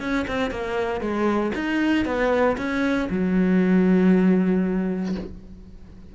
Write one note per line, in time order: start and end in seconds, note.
0.00 0.26 C#4
0.28 0.51 C4
0.51 1.01 A#3
1.01 1.52 G#3
1.55 2.05 D#4
2.05 2.57 B3
2.57 3.08 C#4
3.10 5.15 F#3